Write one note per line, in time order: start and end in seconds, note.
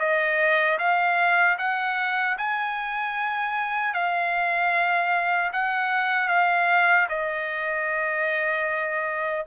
0.00 0.79 D#5
0.79 1.58 F5
1.59 2.38 F#5
2.38 3.94 G#5
3.94 5.52 F5
5.53 6.28 F#5
6.28 7.07 F5
7.09 9.46 D#5